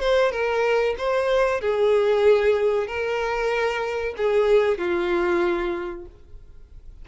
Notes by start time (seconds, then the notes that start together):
0.00 C5
0.31 A#4
0.98 C5
1.61 G#4
2.87 A#4
4.17 G#4
4.78 F4